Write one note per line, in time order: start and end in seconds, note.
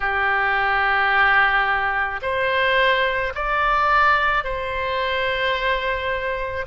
0.00 2.20 G4
2.22 3.33 C5
3.34 4.43 D5
4.43 6.66 C5